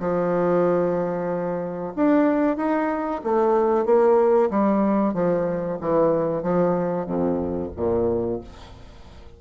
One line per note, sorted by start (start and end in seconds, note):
0.00 1.94 F3
1.96 2.57 D4
2.57 3.21 D#4
3.24 3.86 A3
3.86 4.50 A#3
4.50 5.14 G3
5.14 5.79 F3
5.81 6.43 E3
6.43 7.07 F3
7.07 7.71 F2
7.77 8.41 A#2